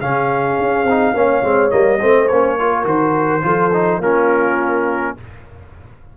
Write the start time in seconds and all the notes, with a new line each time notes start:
0.00 C#3 C#4 G#4 F5
0.59 C#4
0.84 C4 D#4
1.14 A#3 C#4 C#5
1.43 G#3 C4
1.70 G3 A#3 D#5
2.00 A3 C4 C5
2.27 A#3 C#4 C#5
2.59 F4 A#4
2.84 D#3 F#4 C5
3.42 F3 F4 A4
3.73 D#4
3.99 A#3 C#4 F4 A#4